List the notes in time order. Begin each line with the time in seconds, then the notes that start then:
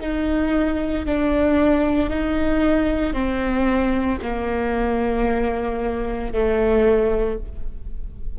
0.00 D#4
1.06 D4
2.10 D#4
3.13 C4
4.22 A#3
6.33 A3